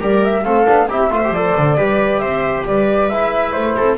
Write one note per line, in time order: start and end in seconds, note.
0.00 0.45 G3
0.00 0.44 G4
0.00 0.44 A#4
0.00 0.24 D5
0.24 0.45 E5
0.45 0.67 A3
0.45 0.66 C4
0.45 0.90 A4
0.45 0.89 F5
0.66 0.89 B3
0.66 0.88 D4
0.89 1.11 C4
0.89 1.11 E4
0.89 1.12 G4
0.89 1.34 E5
1.11 1.31 A3
1.11 1.22 F4
1.11 1.78 C5
1.25 1.53 F3
1.25 1.36 G4
1.34 1.77 A4
1.34 2.20 D5
1.57 1.78 D3
1.77 2.22 G3
1.77 3.10 G4
1.77 2.22 B4
2.20 2.66 C4
2.20 2.66 C5
2.20 2.64 E5
2.67 3.10 G3
2.67 3.78 B4
2.67 3.10 D5
3.10 3.55 G#3
3.10 3.98 E4
3.10 3.53 E5
3.53 3.78 A3
3.53 3.97 C5
3.78 3.98 C4
3.78 3.98 A4